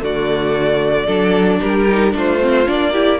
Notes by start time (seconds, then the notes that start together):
0.00 D3 A3 F#4 D5
1.06 F#3 D4 A4
1.60 G3 G4 A#4
1.90 D#4
2.11 A3 D4 F4
2.17 C5
2.41 C4
2.66 A#3 D4 D5
2.92 E4 G4